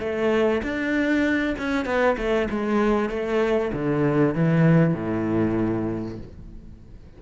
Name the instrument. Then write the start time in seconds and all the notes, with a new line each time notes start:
cello
0.00 A3
0.63 D4
1.58 C#4
1.86 B3
2.17 A3
2.51 G#3
3.10 A3
3.73 D3
4.35 E3
4.94 A2